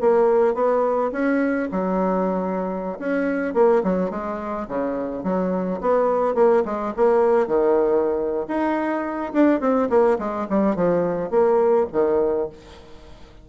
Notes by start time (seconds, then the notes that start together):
0.00 A#3
0.54 B3
1.12 C#4
1.71 F#3
2.98 C#4
3.54 A#3
3.83 F#3
4.10 G#3
4.67 C#3
5.23 F#3
5.80 B3
6.34 A#3
6.65 G#3
6.96 A#3
7.47 D#3
8.48 D#4
9.33 D4
9.60 C4
9.89 A#3
10.19 G#3
10.49 G3
10.75 F3
11.30 A#3
11.92 D#3